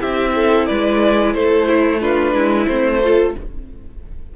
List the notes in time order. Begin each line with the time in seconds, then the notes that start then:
0.00 C4 E4 G4 E5
0.35 A4
0.67 G#3 B4 D5
1.34 A3 A4 C5
1.68 E4
2.01 D4 F4 B4
2.33 G#3 E4
2.67 A3 C4 C5
3.03 F4 A4